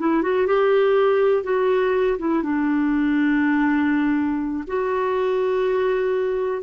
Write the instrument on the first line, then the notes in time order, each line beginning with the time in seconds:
clarinet
0.00 E4
0.23 F#4
0.47 G4
1.44 F#4
2.19 E4
2.43 D4
4.68 F#4